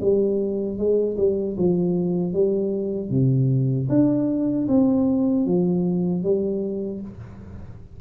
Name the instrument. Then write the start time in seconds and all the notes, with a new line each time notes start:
tuba
0.00 G3
0.77 G#3
1.17 G3
1.57 F3
2.33 G3
3.10 C3
3.89 D4
4.68 C4
5.45 F3
6.23 G3